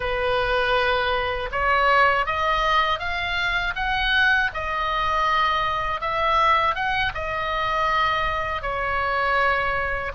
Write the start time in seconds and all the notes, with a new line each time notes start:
0.00 B4
1.51 C#5
2.26 D#5
2.99 F5
3.75 F#5
4.54 D#5
6.00 E5
6.75 F#5
7.14 D#5
8.62 C#5